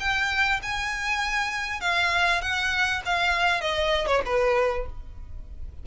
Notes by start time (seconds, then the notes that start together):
0.00 G5
0.63 G#5
1.81 F5
2.42 F#5
3.06 F5
3.61 D#5
4.07 C#5
4.26 B4